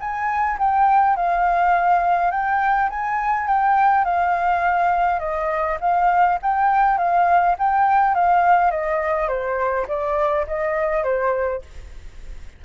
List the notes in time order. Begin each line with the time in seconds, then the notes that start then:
0.00 G#5
0.59 G5
1.17 F5
2.31 G5
2.90 G#5
3.48 G5
4.05 F5
5.20 D#5
5.81 F5
6.42 G5
6.98 F5
7.59 G5
8.15 F5
8.71 D#5
9.28 C5
9.88 D5
10.47 D#5
11.04 C5